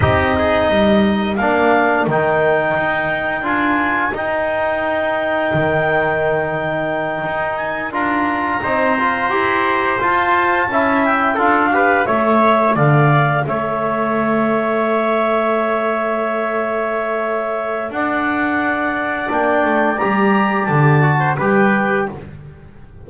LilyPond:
<<
  \new Staff \with { instrumentName = "clarinet" } { \time 4/4 \tempo 4 = 87 dis''2 f''4 g''4~ | g''4 gis''4 g''2~ | g''2. gis''8 ais''8~ | ais''2~ ais''8 a''4. |
g''8 f''4 e''4 f''4 e''8~ | e''1~ | e''2 fis''2 | g''4 ais''4 a''4 g''4 | }
  \new Staff \with { instrumentName = "trumpet" } { \time 4/4 g'8 gis'8 ais'2.~ | ais'1~ | ais'1~ | ais'8 c''2. e''8~ |
e''8 a'8 b'8 cis''4 d''4 cis''8~ | cis''1~ | cis''2 d''2~ | d''2~ d''8. c''16 b'4 | }
  \new Staff \with { instrumentName = "trombone" } { \time 4/4 dis'2 d'4 dis'4~ | dis'4 f'4 dis'2~ | dis'2.~ dis'8 f'8~ | f'8 dis'8 f'8 g'4 f'4 e'8~ |
e'8 f'8 g'8 a'2~ a'8~ | a'1~ | a'1 | d'4 g'4. fis'8 g'4 | }
  \new Staff \with { instrumentName = "double bass" } { \time 4/4 c'4 g4 ais4 dis4 | dis'4 d'4 dis'2 | dis2~ dis8 dis'4 d'8~ | d'8 c'4 e'4 f'4 cis'8~ |
cis'8 d'4 a4 d4 a8~ | a1~ | a2 d'2 | ais8 a8 g4 d4 g4 | }
>>